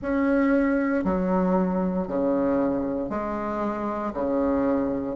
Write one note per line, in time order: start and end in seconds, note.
0.01 1.04 C#4
1.04 2.07 F#3
2.07 3.09 C#3
3.09 4.12 G#3
4.13 5.16 C#3